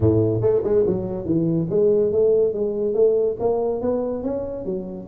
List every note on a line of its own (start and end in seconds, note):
0.00 0.41 A2
0.41 0.62 A3
0.63 0.84 G#3
0.86 1.25 F#3
1.25 1.67 E3
1.70 2.11 G#3
2.11 2.53 A3
2.53 2.94 G#3
2.94 3.36 A3
3.39 3.81 A#3
3.81 4.23 B3
4.23 4.65 C#4
4.65 5.07 F#3